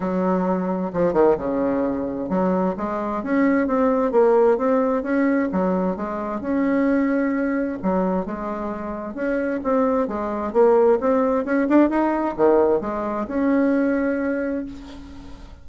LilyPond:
\new Staff \with { instrumentName = "bassoon" } { \time 4/4 \tempo 4 = 131 fis2 f8 dis8 cis4~ | cis4 fis4 gis4 cis'4 | c'4 ais4 c'4 cis'4 | fis4 gis4 cis'2~ |
cis'4 fis4 gis2 | cis'4 c'4 gis4 ais4 | c'4 cis'8 d'8 dis'4 dis4 | gis4 cis'2. | }